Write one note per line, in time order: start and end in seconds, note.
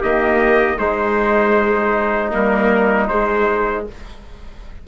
0.00 0.79 D#3
0.00 0.78 A#3
0.00 0.77 G4
0.00 0.78 D#5
0.78 2.31 G#3
0.78 2.33 G#3
0.78 3.88 D#4
0.78 2.32 C5
2.31 3.10 G3
2.31 3.08 A#3
2.31 3.08 A#4
3.08 3.87 G#3
3.08 3.85 C5